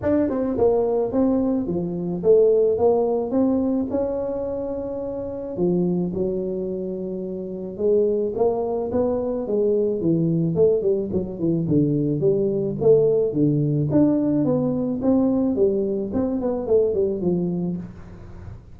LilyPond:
\new Staff \with { instrumentName = "tuba" } { \time 4/4 \tempo 4 = 108 d'8 c'8 ais4 c'4 f4 | a4 ais4 c'4 cis'4~ | cis'2 f4 fis4~ | fis2 gis4 ais4 |
b4 gis4 e4 a8 g8 | fis8 e8 d4 g4 a4 | d4 d'4 b4 c'4 | g4 c'8 b8 a8 g8 f4 | }